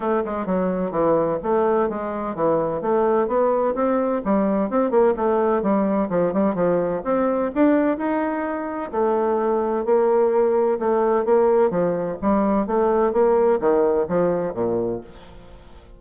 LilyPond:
\new Staff \with { instrumentName = "bassoon" } { \time 4/4 \tempo 4 = 128 a8 gis8 fis4 e4 a4 | gis4 e4 a4 b4 | c'4 g4 c'8 ais8 a4 | g4 f8 g8 f4 c'4 |
d'4 dis'2 a4~ | a4 ais2 a4 | ais4 f4 g4 a4 | ais4 dis4 f4 ais,4 | }